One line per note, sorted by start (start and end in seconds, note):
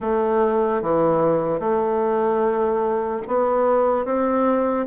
0.00 0.81 A3
0.81 1.59 E3
1.59 3.21 A3
3.27 4.05 B3
4.05 4.86 C4